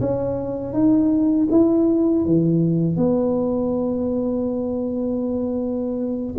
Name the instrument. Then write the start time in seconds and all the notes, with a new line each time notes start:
tuba
0.00 C#4
0.73 D#4
1.50 E4
2.25 E3
2.97 B3